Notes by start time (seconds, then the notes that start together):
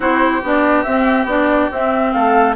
0.00 C4 E4 G4 C5
0.42 B3 D4 D5
0.83 C4 E5
1.24 B3 D4 D5
1.71 C4 E5
2.12 A3 A4 F5